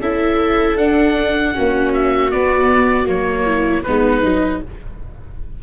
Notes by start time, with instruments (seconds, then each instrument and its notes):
0.00 tuba C#4, viola E4 A4, oboe E5
0.76 tuba D4, viola D4, oboe F#5
1.54 tuba A#3, viola C#4 F#4
1.94 oboe E5
2.31 viola B3, tuba B3, oboe D5
3.06 tuba F#3, viola A#3, oboe C#5
3.46 viola E4
3.83 tuba G#3, viola B3 D#4, oboe B4
4.23 tuba F#3, viola D#4